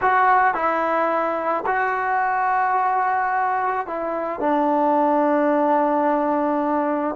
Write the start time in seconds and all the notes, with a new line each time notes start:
0.01 F#4
0.54 E4
1.66 F#4
3.86 E4
4.40 D4